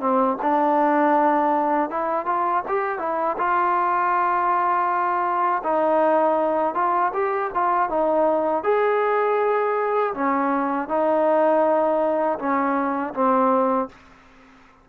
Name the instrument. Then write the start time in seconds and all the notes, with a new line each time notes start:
trombone
0.00 C4
0.42 D4
1.90 E4
2.26 F4
2.68 G4
2.99 E4
3.38 F4
5.64 D#4
6.74 F4
7.14 G4
7.54 F4
7.89 D#4
8.64 G#4
10.14 C#4
10.89 D#4
12.39 C#4
13.14 C4